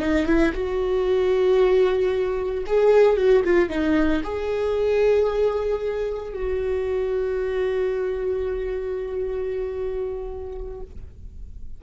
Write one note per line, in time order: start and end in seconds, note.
0.00 0.26 D#4
0.26 0.52 E4
0.54 2.64 F#4
2.66 3.17 G#4
3.17 3.43 F#4
3.44 3.69 F4
3.69 4.22 D#4
4.23 6.33 G#4
6.33 10.81 F#4